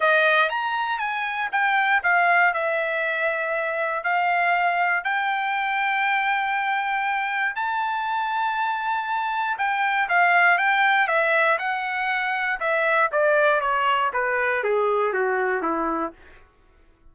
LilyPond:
\new Staff \with { instrumentName = "trumpet" } { \time 4/4 \tempo 4 = 119 dis''4 ais''4 gis''4 g''4 | f''4 e''2. | f''2 g''2~ | g''2. a''4~ |
a''2. g''4 | f''4 g''4 e''4 fis''4~ | fis''4 e''4 d''4 cis''4 | b'4 gis'4 fis'4 e'4 | }